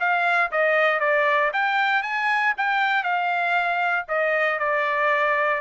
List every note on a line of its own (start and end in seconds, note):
0.00 0.51 F5
0.52 1.00 D#5
1.00 1.52 D5
1.53 2.03 G5
2.03 2.54 G#5
2.58 3.04 G5
3.04 4.06 F5
4.09 4.59 D#5
4.59 5.62 D5